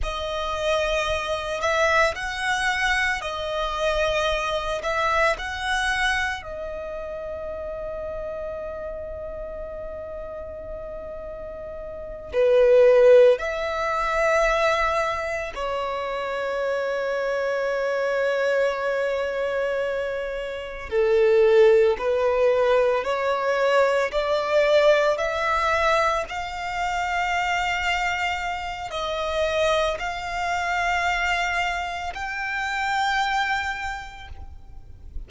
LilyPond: \new Staff \with { instrumentName = "violin" } { \time 4/4 \tempo 4 = 56 dis''4. e''8 fis''4 dis''4~ | dis''8 e''8 fis''4 dis''2~ | dis''2.~ dis''8 b'8~ | b'8 e''2 cis''4.~ |
cis''2.~ cis''8 a'8~ | a'8 b'4 cis''4 d''4 e''8~ | e''8 f''2~ f''8 dis''4 | f''2 g''2 | }